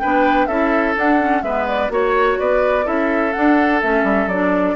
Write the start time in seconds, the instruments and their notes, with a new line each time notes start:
0.00 bassoon B3, clarinet D4, oboe B4, flute G5
0.46 bassoon C#4, clarinet E4, oboe A4, flute E5
0.95 clarinet D4, bassoon D4, flute F#5
1.19 clarinet C#4
1.43 bassoon G#3, clarinet B3, oboe B4, flute E5
1.67 flute D5
1.89 bassoon A#3, clarinet F#4, oboe C#5, flute C#5
2.39 bassoon B3, oboe B4, flute D5
2.84 bassoon C#4, clarinet E4, oboe A4, flute E5
3.33 clarinet D4, bassoon D4, flute F#5
3.81 bassoon A3, clarinet C#4, flute E5
4.03 bassoon G3
4.26 bassoon F#3, flute D5
4.33 clarinet D4